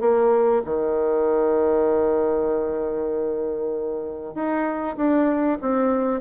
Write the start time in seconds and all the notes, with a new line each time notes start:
0.00 A#3
0.65 D#3
4.34 D#4
4.96 D4
5.61 C4